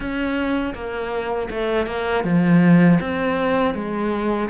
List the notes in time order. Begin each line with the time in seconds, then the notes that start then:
0.00 C#4
0.74 A#3
1.50 A3
1.86 A#3
2.23 F3
3.00 C4
3.74 G#3